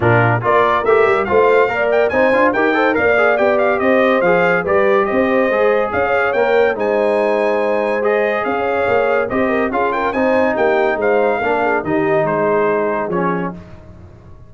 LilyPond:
<<
  \new Staff \with { instrumentName = "trumpet" } { \time 4/4 \tempo 4 = 142 ais'4 d''4 e''4 f''4~ | f''8 g''8 gis''4 g''4 f''4 | g''8 f''8 dis''4 f''4 d''4 | dis''2 f''4 g''4 |
gis''2. dis''4 | f''2 dis''4 f''8 g''8 | gis''4 g''4 f''2 | dis''4 c''2 cis''4 | }
  \new Staff \with { instrumentName = "horn" } { \time 4/4 f'4 ais'2 c''4 | d''4 c''4 ais'8 c''8 d''4~ | d''4 c''2 b'4 | c''2 cis''2 |
c''1 | cis''2 c''8 ais'8 gis'8 ais'8 | c''4 g'4 c''4 ais'8 gis'8 | g'4 gis'2. | }
  \new Staff \with { instrumentName = "trombone" } { \time 4/4 d'4 f'4 g'4 f'4 | ais'4 dis'8 f'8 g'8 a'8 ais'8 gis'8 | g'2 gis'4 g'4~ | g'4 gis'2 ais'4 |
dis'2. gis'4~ | gis'2 g'4 f'4 | dis'2. d'4 | dis'2. cis'4 | }
  \new Staff \with { instrumentName = "tuba" } { \time 4/4 ais,4 ais4 a8 g8 a4 | ais4 c'8 d'8 dis'4 ais4 | b4 c'4 f4 g4 | c'4 gis4 cis'4 ais4 |
gis1 | cis'4 ais4 c'4 cis'4 | c'4 ais4 gis4 ais4 | dis4 gis2 f4 | }
>>